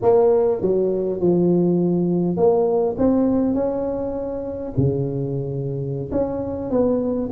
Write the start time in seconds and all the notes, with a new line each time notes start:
0.02 A#3
0.61 F#3
1.19 F3
2.36 A#3
2.97 C4
3.54 C#4
4.77 C#3
6.11 C#4
6.70 B3